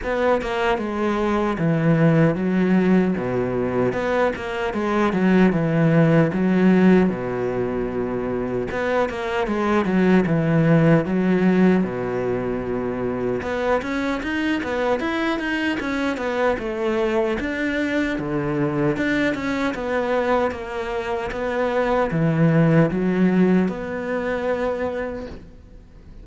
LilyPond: \new Staff \with { instrumentName = "cello" } { \time 4/4 \tempo 4 = 76 b8 ais8 gis4 e4 fis4 | b,4 b8 ais8 gis8 fis8 e4 | fis4 b,2 b8 ais8 | gis8 fis8 e4 fis4 b,4~ |
b,4 b8 cis'8 dis'8 b8 e'8 dis'8 | cis'8 b8 a4 d'4 d4 | d'8 cis'8 b4 ais4 b4 | e4 fis4 b2 | }